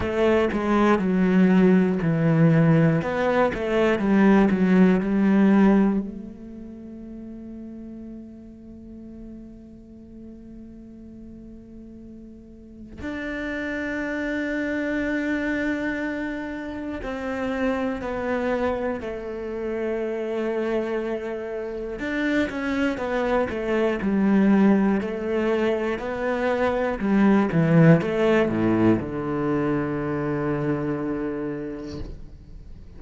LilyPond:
\new Staff \with { instrumentName = "cello" } { \time 4/4 \tempo 4 = 60 a8 gis8 fis4 e4 b8 a8 | g8 fis8 g4 a2~ | a1~ | a4 d'2.~ |
d'4 c'4 b4 a4~ | a2 d'8 cis'8 b8 a8 | g4 a4 b4 g8 e8 | a8 a,8 d2. | }